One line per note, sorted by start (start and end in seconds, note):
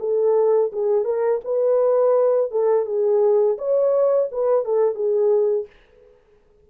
0.00 0.71 A4
0.73 1.05 G#4
1.05 1.41 A#4
1.45 2.52 B4
2.52 2.86 A4
2.86 3.57 G#4
3.58 4.30 C#5
4.32 4.65 B4
4.65 4.95 A4
4.95 5.67 G#4